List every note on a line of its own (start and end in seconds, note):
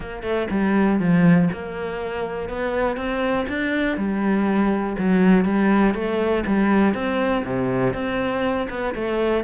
0.00 0.23 A#3
0.23 0.47 A3
0.50 0.99 G3
0.99 1.49 F3
1.52 2.49 A#3
2.49 2.96 B3
2.96 3.46 C4
3.48 3.97 D4
3.97 4.96 G3
4.98 5.44 F#3
5.44 5.94 G3
5.94 6.44 A3
6.46 6.94 G3
6.94 7.44 C4
7.45 7.93 C3
7.93 8.68 C4
8.69 8.94 B3
8.95 9.43 A3